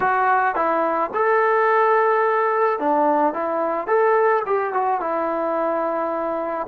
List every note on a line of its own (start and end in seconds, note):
0.00 0.55 F#4
0.55 1.10 E4
1.14 2.79 A4
2.79 3.33 D4
3.33 3.87 E4
3.87 4.42 A4
4.45 4.73 G4
4.73 5.00 F#4
5.00 6.67 E4